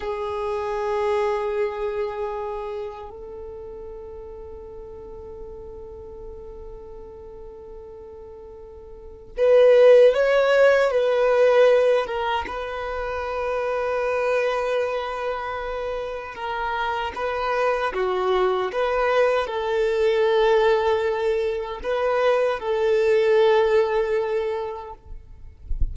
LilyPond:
\new Staff \with { instrumentName = "violin" } { \time 4/4 \tempo 4 = 77 gis'1 | a'1~ | a'1 | b'4 cis''4 b'4. ais'8 |
b'1~ | b'4 ais'4 b'4 fis'4 | b'4 a'2. | b'4 a'2. | }